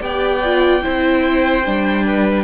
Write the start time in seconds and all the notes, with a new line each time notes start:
0.00 B3 G4 D5 G5
0.44 F4
0.82 C4 E4 C5
1.65 G3 D4
2.05 B4